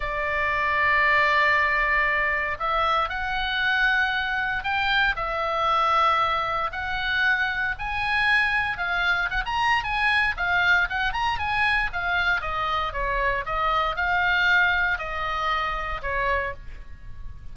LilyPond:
\new Staff \with { instrumentName = "oboe" } { \time 4/4 \tempo 4 = 116 d''1~ | d''4 e''4 fis''2~ | fis''4 g''4 e''2~ | e''4 fis''2 gis''4~ |
gis''4 f''4 fis''16 ais''8. gis''4 | f''4 fis''8 ais''8 gis''4 f''4 | dis''4 cis''4 dis''4 f''4~ | f''4 dis''2 cis''4 | }